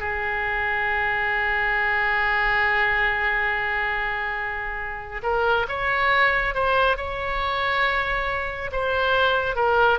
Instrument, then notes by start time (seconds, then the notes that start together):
oboe
0.00 G#4
5.23 A#4
5.68 C#5
6.55 C5
6.97 C#5
8.72 C5
9.56 A#4